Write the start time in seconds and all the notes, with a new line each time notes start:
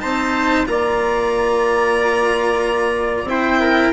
0.00 C4 D#4 C5 A5
0.66 A#3 F4 D5 A#5
3.24 C4 E4 G5
3.31 C5
3.61 A#4